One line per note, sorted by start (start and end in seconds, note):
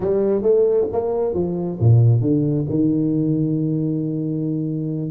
0.00 0.42 G3
0.42 0.86 A3
0.92 1.33 A#3
1.33 1.78 F3
1.80 2.21 A#2
2.21 2.65 D3
2.69 5.11 D#3